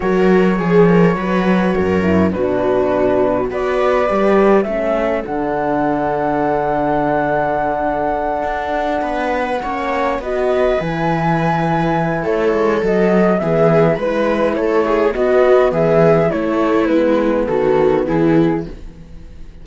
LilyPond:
<<
  \new Staff \with { instrumentName = "flute" } { \time 4/4 \tempo 4 = 103 cis''1 | b'2 d''2 | e''4 fis''2.~ | fis''1~ |
fis''4. dis''4 gis''4.~ | gis''4 cis''4 dis''4 e''4 | b'4 cis''4 dis''4 e''4 | cis''4 b'4 a'4 gis'4 | }
  \new Staff \with { instrumentName = "viola" } { \time 4/4 ais'4 gis'8 ais'8 b'4 ais'4 | fis'2 b'2 | a'1~ | a'2.~ a'8 b'8~ |
b'8 cis''4 b'2~ b'8~ | b'4 a'2 gis'4 | b'4 a'8 gis'8 fis'4 gis'4 | e'2 fis'4 e'4 | }
  \new Staff \with { instrumentName = "horn" } { \time 4/4 fis'4 gis'4 fis'4. e'8 | d'2 fis'4 g'4 | cis'4 d'2.~ | d'1~ |
d'8 cis'4 fis'4 e'4.~ | e'2 fis'4 b4 | e'2 b2 | a4 b2. | }
  \new Staff \with { instrumentName = "cello" } { \time 4/4 fis4 f4 fis4 fis,4 | b,2 b4 g4 | a4 d2.~ | d2~ d8 d'4 b8~ |
b8 ais4 b4 e4.~ | e4 a8 gis8 fis4 e4 | gis4 a4 b4 e4 | a4 gis4 dis4 e4 | }
>>